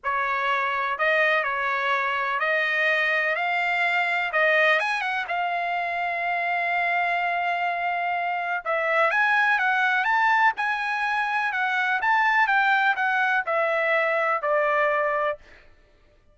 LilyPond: \new Staff \with { instrumentName = "trumpet" } { \time 4/4 \tempo 4 = 125 cis''2 dis''4 cis''4~ | cis''4 dis''2 f''4~ | f''4 dis''4 gis''8 fis''8 f''4~ | f''1~ |
f''2 e''4 gis''4 | fis''4 a''4 gis''2 | fis''4 a''4 g''4 fis''4 | e''2 d''2 | }